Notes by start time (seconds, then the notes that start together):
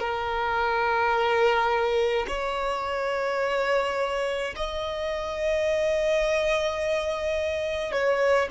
0.00 A#4
2.27 C#5
4.56 D#5
7.92 C#5